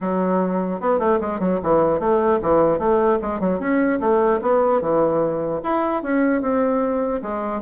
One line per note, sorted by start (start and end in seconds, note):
0.00 0.80 F#3
0.80 0.99 B3
0.99 1.19 A3
1.21 1.39 G#3
1.39 1.59 F#3
1.62 1.99 E3
1.99 2.39 A3
2.41 2.78 E3
2.78 3.18 A3
3.21 3.40 G#3
3.40 3.59 F#3
3.59 3.99 C#4
4.00 4.40 A3
4.41 4.81 B3
4.81 5.61 E3
5.63 6.03 E4
6.03 6.41 C#4
6.41 7.21 C4
7.21 7.61 G#3